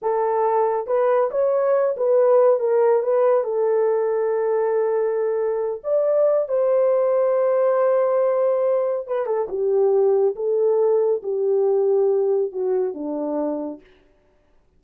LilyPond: \new Staff \with { instrumentName = "horn" } { \time 4/4 \tempo 4 = 139 a'2 b'4 cis''4~ | cis''8 b'4. ais'4 b'4 | a'1~ | a'4. d''4. c''4~ |
c''1~ | c''4 b'8 a'8 g'2 | a'2 g'2~ | g'4 fis'4 d'2 | }